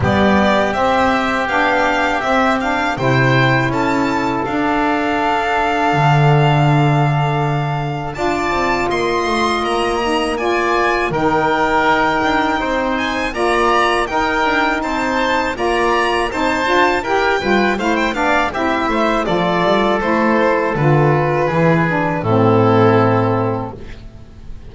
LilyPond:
<<
  \new Staff \with { instrumentName = "violin" } { \time 4/4 \tempo 4 = 81 d''4 e''4 f''4 e''8 f''8 | g''4 a''4 f''2~ | f''2. a''4 | c'''4 ais''4 gis''4 g''4~ |
g''4. gis''8 ais''4 g''4 | a''4 ais''4 a''4 g''4 | f''16 g''16 f''8 e''4 d''4 c''4 | b'2 a'2 | }
  \new Staff \with { instrumentName = "oboe" } { \time 4/4 g'1 | c''4 a'2.~ | a'2. d''4 | dis''2 d''4 ais'4~ |
ais'4 c''4 d''4 ais'4 | c''4 d''4 c''4 ais'8 b'8 | c''8 d''8 g'8 c''8 a'2~ | a'4 gis'4 e'2 | }
  \new Staff \with { instrumentName = "saxophone" } { \time 4/4 b4 c'4 d'4 c'8 d'8 | e'2 d'2~ | d'2. f'4~ | f'4. dis'8 f'4 dis'4~ |
dis'2 f'4 dis'4~ | dis'4 f'4 dis'8 f'8 g'8 f'8 | e'8 d'8 e'4 f'4 e'4 | f'4 e'8 d'8 c'2 | }
  \new Staff \with { instrumentName = "double bass" } { \time 4/4 g4 c'4 b4 c'4 | c4 cis'4 d'2 | d2. d'8 c'8 | ais8 a8 ais2 dis4 |
dis'8 d'8 c'4 ais4 dis'8 d'8 | c'4 ais4 c'8 d'8 e'8 g8 | a8 b8 c'8 a8 f8 g8 a4 | d4 e4 a,2 | }
>>